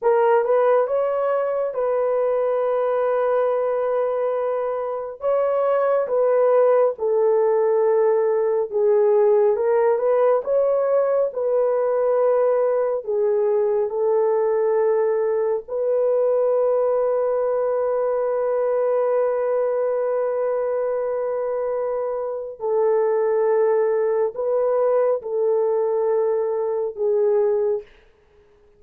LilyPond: \new Staff \with { instrumentName = "horn" } { \time 4/4 \tempo 4 = 69 ais'8 b'8 cis''4 b'2~ | b'2 cis''4 b'4 | a'2 gis'4 ais'8 b'8 | cis''4 b'2 gis'4 |
a'2 b'2~ | b'1~ | b'2 a'2 | b'4 a'2 gis'4 | }